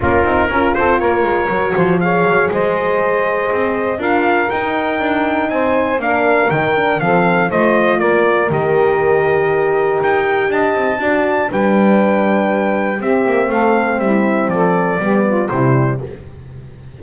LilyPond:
<<
  \new Staff \with { instrumentName = "trumpet" } { \time 4/4 \tempo 4 = 120 ais'4. c''8 cis''2 | f''4 dis''2. | f''4 g''2 gis''4 | f''4 g''4 f''4 dis''4 |
d''4 dis''2. | g''4 a''2 g''4~ | g''2 e''4 f''4 | e''4 d''2 c''4 | }
  \new Staff \with { instrumentName = "saxophone" } { \time 4/4 f'4 ais'8 a'8 ais'4. c''8 | cis''4 c''2. | ais'2. c''4 | ais'2 a'4 c''4 |
ais'1~ | ais'4 dis''4 d''4 b'4~ | b'2 g'4 a'4 | e'4 a'4 g'8 f'8 e'4 | }
  \new Staff \with { instrumentName = "horn" } { \time 4/4 cis'8 dis'8 f'2 fis'4 | gis'1 | f'4 dis'2. | d'4 dis'8 d'8 c'4 f'4~ |
f'4 g'2.~ | g'2 fis'4 d'4~ | d'2 c'2~ | c'2 b4 g4 | }
  \new Staff \with { instrumentName = "double bass" } { \time 4/4 ais8 c'8 cis'8 c'8 ais8 gis8 fis8 f8~ | f8 fis8 gis2 c'4 | d'4 dis'4 d'4 c'4 | ais4 dis4 f4 a4 |
ais4 dis2. | dis'4 d'8 c'8 d'4 g4~ | g2 c'8 ais8 a4 | g4 f4 g4 c4 | }
>>